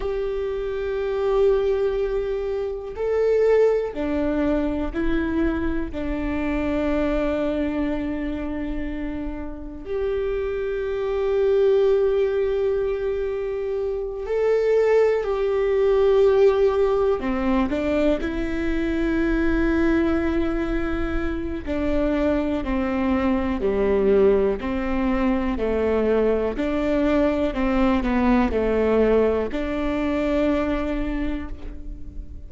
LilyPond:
\new Staff \with { instrumentName = "viola" } { \time 4/4 \tempo 4 = 61 g'2. a'4 | d'4 e'4 d'2~ | d'2 g'2~ | g'2~ g'8 a'4 g'8~ |
g'4. c'8 d'8 e'4.~ | e'2 d'4 c'4 | g4 c'4 a4 d'4 | c'8 b8 a4 d'2 | }